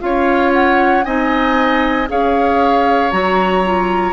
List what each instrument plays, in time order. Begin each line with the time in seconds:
0.00 bassoon C#4, clarinet F4, oboe C#5, flute F5
0.53 flute F#5
1.04 bassoon C4, clarinet D#4, oboe D#5, flute G#5
2.08 bassoon C#4, clarinet G#4, oboe C#5, flute F5
3.11 bassoon F#3, clarinet F#4, flute A#5
3.64 clarinet F4